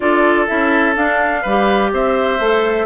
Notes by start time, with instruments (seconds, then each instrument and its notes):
0.00 bassoon D4, clarinet F4, oboe A4, flute D5
0.47 bassoon C#4, clarinet E4, flute E5
0.95 clarinet D4, bassoon D4, flute F5
1.41 bassoon G3, oboe B4
1.48 clarinet G4
1.92 bassoon C4, oboe C5, flute E5
2.39 bassoon A3, clarinet A4